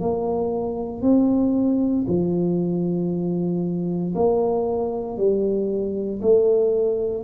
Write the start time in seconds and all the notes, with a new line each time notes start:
0.00 A#3
1.02 C4
2.07 F3
4.15 A#3
5.17 G3
6.22 A3